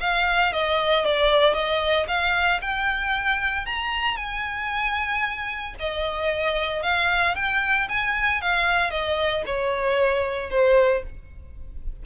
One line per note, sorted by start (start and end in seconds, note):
0.00 0.52 F5
0.52 1.05 D#5
1.05 1.53 D5
1.53 2.06 D#5
2.08 2.60 F5
2.61 3.66 G5
3.66 4.17 A#5
4.17 5.74 G#5
5.79 6.82 D#5
6.82 7.35 F5
7.35 7.88 G5
7.88 8.41 G#5
8.41 8.90 F5
8.90 9.43 D#5
9.45 10.50 C#5
10.50 11.03 C5